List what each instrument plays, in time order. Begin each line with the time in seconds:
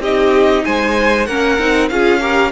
0.00 cello C4, viola D#4, violin G4 D#5
0.65 cello G#3, violin C5 G#5
1.26 cello A#3, viola C#4, violin A#4 F#5
1.59 cello C4, viola D#4
1.89 cello C#4, viola F4, violin G#4 F5
2.21 viola G4, violin A#4